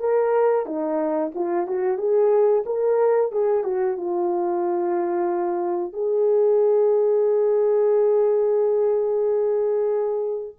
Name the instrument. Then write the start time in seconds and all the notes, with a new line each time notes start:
horn
0.00 A#4
0.66 D#4
1.35 F4
1.67 F#4
1.98 G#4
2.66 A#4
3.32 G#4
3.64 F#4
3.97 F4
5.93 G#4